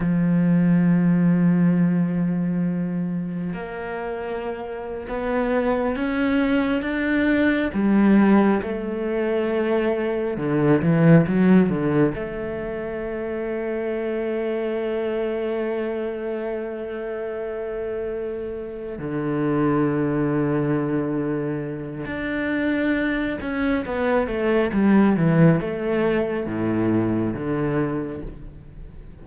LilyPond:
\new Staff \with { instrumentName = "cello" } { \time 4/4 \tempo 4 = 68 f1 | ais4.~ ais16 b4 cis'4 d'16~ | d'8. g4 a2 d16~ | d16 e8 fis8 d8 a2~ a16~ |
a1~ | a4. d2~ d8~ | d4 d'4. cis'8 b8 a8 | g8 e8 a4 a,4 d4 | }